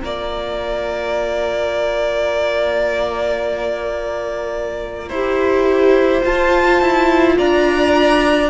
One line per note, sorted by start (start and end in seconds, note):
0.00 5.10 A#3
0.00 5.12 F4
0.00 5.09 D5
0.00 6.23 A#5
5.09 6.23 E4
5.09 6.23 G4
5.09 7.35 C5
6.23 8.50 F4
6.23 6.81 F4
6.23 7.38 A5
6.81 7.38 E4
7.38 8.50 D4
7.38 8.50 D5
7.38 8.50 A#5